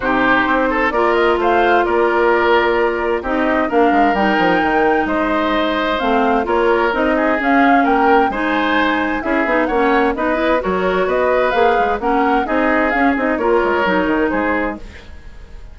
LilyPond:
<<
  \new Staff \with { instrumentName = "flute" } { \time 4/4 \tempo 4 = 130 c''2 d''8 dis''8 f''4 | d''2. dis''4 | f''4 g''2 dis''4~ | dis''4 f''4 cis''4 dis''4 |
f''4 g''4 gis''2 | e''4 fis''4 dis''4 cis''4 | dis''4 f''4 fis''4 dis''4 | f''8 dis''8 cis''2 c''4 | }
  \new Staff \with { instrumentName = "oboe" } { \time 4/4 g'4. a'8 ais'4 c''4 | ais'2. g'4 | ais'2. c''4~ | c''2 ais'4. gis'8~ |
gis'4 ais'4 c''2 | gis'4 cis''4 b'4 ais'4 | b'2 ais'4 gis'4~ | gis'4 ais'2 gis'4 | }
  \new Staff \with { instrumentName = "clarinet" } { \time 4/4 dis'2 f'2~ | f'2. dis'4 | d'4 dis'2.~ | dis'4 c'4 f'4 dis'4 |
cis'2 dis'2 | e'8 dis'8 cis'4 dis'8 e'8 fis'4~ | fis'4 gis'4 cis'4 dis'4 | cis'8 dis'8 f'4 dis'2 | }
  \new Staff \with { instrumentName = "bassoon" } { \time 4/4 c4 c'4 ais4 a4 | ais2. c'4 | ais8 gis8 g8 f8 dis4 gis4~ | gis4 a4 ais4 c'4 |
cis'4 ais4 gis2 | cis'8 b8 ais4 b4 fis4 | b4 ais8 gis8 ais4 c'4 | cis'8 c'8 ais8 gis8 fis8 dis8 gis4 | }
>>